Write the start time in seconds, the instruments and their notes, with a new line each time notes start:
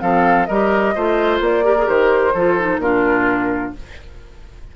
0.00 bassoon F3, clarinet C4, oboe A4, flute F5
0.45 bassoon G3, clarinet G4, oboe A#4, flute D#5
0.95 bassoon A3, clarinet F4, oboe C5
1.40 bassoon A#3, flute D5
1.63 clarinet G4, oboe A#4
1.77 clarinet G#4
1.85 bassoon D#3, clarinet G4, flute C5
2.33 bassoon F3, clarinet F4, oboe A4
2.59 clarinet D#4
2.77 bassoon A#2, clarinet D4, oboe F4, flute A#4